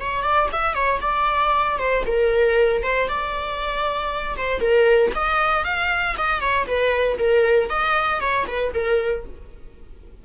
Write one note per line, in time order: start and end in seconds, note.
0.00 0.23 C#5
0.23 0.49 D5
0.52 0.74 E5
0.74 1.00 C#5
1.01 1.78 D5
1.79 2.04 C5
2.07 2.83 A#4
2.83 3.08 C5
3.08 4.37 D5
4.37 4.60 C5
4.60 5.12 A#4
5.15 5.65 D#5
5.65 6.16 F5
6.18 6.41 D#5
6.41 6.66 C#5
6.66 7.18 B4
7.19 7.70 A#4
7.70 8.21 D#5
8.21 8.46 C#5
8.47 8.73 B4
8.74 9.25 A#4